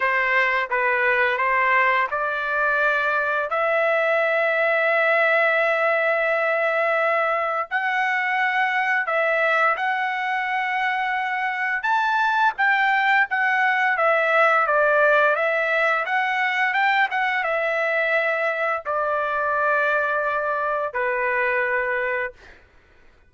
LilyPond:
\new Staff \with { instrumentName = "trumpet" } { \time 4/4 \tempo 4 = 86 c''4 b'4 c''4 d''4~ | d''4 e''2.~ | e''2. fis''4~ | fis''4 e''4 fis''2~ |
fis''4 a''4 g''4 fis''4 | e''4 d''4 e''4 fis''4 | g''8 fis''8 e''2 d''4~ | d''2 b'2 | }